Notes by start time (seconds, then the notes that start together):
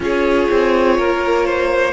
0.00 C#4 F4 G#4 C#5
0.50 C4
0.98 A#3 A#4
1.45 C5